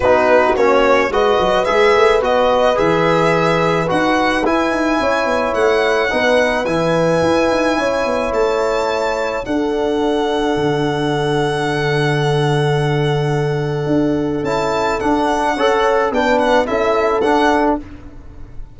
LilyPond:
<<
  \new Staff \with { instrumentName = "violin" } { \time 4/4 \tempo 4 = 108 b'4 cis''4 dis''4 e''4 | dis''4 e''2 fis''4 | gis''2 fis''2 | gis''2. a''4~ |
a''4 fis''2.~ | fis''1~ | fis''2 a''4 fis''4~ | fis''4 g''8 fis''8 e''4 fis''4 | }
  \new Staff \with { instrumentName = "horn" } { \time 4/4 fis'2 b'2~ | b'1~ | b'4 cis''2 b'4~ | b'2 cis''2~ |
cis''4 a'2.~ | a'1~ | a'1 | cis''4 b'4 a'2 | }
  \new Staff \with { instrumentName = "trombone" } { \time 4/4 dis'4 cis'4 fis'4 gis'4 | fis'4 gis'2 fis'4 | e'2. dis'4 | e'1~ |
e'4 d'2.~ | d'1~ | d'2 e'4 d'4 | a'4 d'4 e'4 d'4 | }
  \new Staff \with { instrumentName = "tuba" } { \time 4/4 b4 ais4 gis8 fis8 gis8 a8 | b4 e2 dis'4 | e'8 dis'8 cis'8 b8 a4 b4 | e4 e'8 dis'8 cis'8 b8 a4~ |
a4 d'2 d4~ | d1~ | d4 d'4 cis'4 d'4 | cis'4 b4 cis'4 d'4 | }
>>